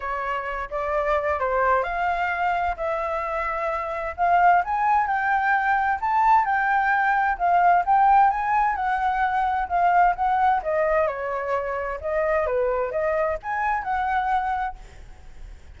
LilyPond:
\new Staff \with { instrumentName = "flute" } { \time 4/4 \tempo 4 = 130 cis''4. d''4. c''4 | f''2 e''2~ | e''4 f''4 gis''4 g''4~ | g''4 a''4 g''2 |
f''4 g''4 gis''4 fis''4~ | fis''4 f''4 fis''4 dis''4 | cis''2 dis''4 b'4 | dis''4 gis''4 fis''2 | }